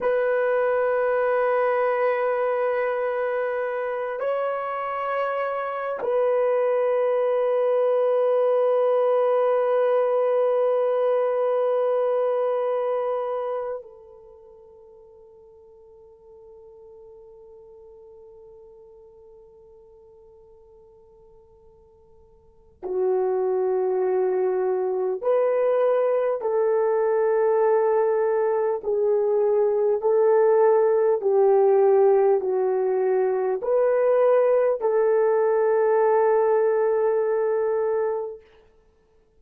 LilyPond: \new Staff \with { instrumentName = "horn" } { \time 4/4 \tempo 4 = 50 b'2.~ b'8 cis''8~ | cis''4 b'2.~ | b'2.~ b'8 a'8~ | a'1~ |
a'2. fis'4~ | fis'4 b'4 a'2 | gis'4 a'4 g'4 fis'4 | b'4 a'2. | }